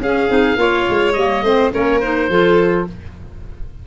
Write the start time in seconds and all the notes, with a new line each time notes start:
0.00 C#4 G#4 F5
0.29 C4 D#4
0.56 A#3 F4 C#5
0.89 G#3
1.13 G3 A#3 D#5
1.42 A3 C4 C5
1.71 A#3 C#4 A#4 C#5
2.00 D#4 C5
2.29 F3 F4 A4